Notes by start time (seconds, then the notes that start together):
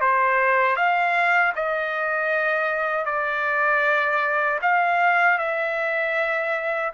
0.00 C5
0.76 F5
1.55 D#5
3.05 D5
4.62 F5
5.38 E5